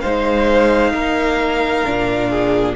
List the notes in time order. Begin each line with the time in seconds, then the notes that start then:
0.00 G#3 D#4 C5 F5
0.92 A#3 A#4
1.85 A#2 D4
2.29 G#4